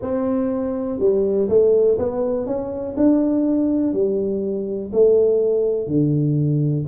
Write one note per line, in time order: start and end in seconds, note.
0.01 0.99 C4
0.99 1.48 G3
1.48 1.98 A3
1.98 2.46 B3
2.46 2.95 C#4
2.96 3.93 D4
3.93 4.91 G3
4.92 5.87 A3
5.87 6.85 D3